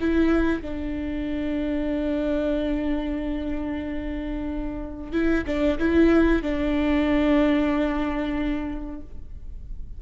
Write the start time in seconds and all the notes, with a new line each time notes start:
0.00 E4
0.61 D4
5.12 E4
5.46 D4
5.79 E4
6.42 D4